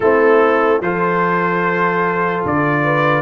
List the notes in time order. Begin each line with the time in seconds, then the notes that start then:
0.00 A3 C4 E4 A4
0.81 F3 F4 A4 C5
2.45 D3 D5
2.83 B4